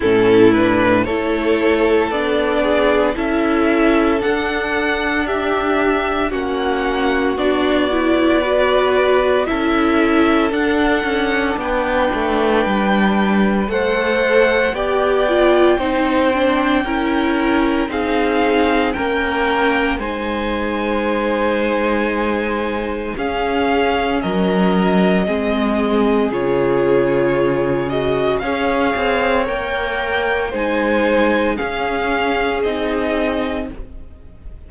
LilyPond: <<
  \new Staff \with { instrumentName = "violin" } { \time 4/4 \tempo 4 = 57 a'8 b'8 cis''4 d''4 e''4 | fis''4 e''4 fis''4 d''4~ | d''4 e''4 fis''4 g''4~ | g''4 fis''4 g''2~ |
g''4 f''4 g''4 gis''4~ | gis''2 f''4 dis''4~ | dis''4 cis''4. dis''8 f''4 | g''4 gis''4 f''4 dis''4 | }
  \new Staff \with { instrumentName = "violin" } { \time 4/4 e'4 a'4. gis'8 a'4~ | a'4 g'4 fis'2 | b'4 a'2 b'4~ | b'4 c''4 d''4 c''4 |
ais'4 gis'4 ais'4 c''4~ | c''2 gis'4 ais'4 | gis'2. cis''4~ | cis''4 c''4 gis'2 | }
  \new Staff \with { instrumentName = "viola" } { \time 4/4 cis'8 d'8 e'4 d'4 e'4 | d'2 cis'4 d'8 e'8 | fis'4 e'4 d'2~ | d'4 a'4 g'8 f'8 dis'8 d'8 |
e'4 dis'4 cis'4 dis'4~ | dis'2 cis'2 | c'4 f'4. fis'8 gis'4 | ais'4 dis'4 cis'4 dis'4 | }
  \new Staff \with { instrumentName = "cello" } { \time 4/4 a,4 a4 b4 cis'4 | d'2 ais4 b4~ | b4 cis'4 d'8 cis'8 b8 a8 | g4 a4 b4 c'4 |
cis'4 c'4 ais4 gis4~ | gis2 cis'4 fis4 | gis4 cis2 cis'8 c'8 | ais4 gis4 cis'4 c'4 | }
>>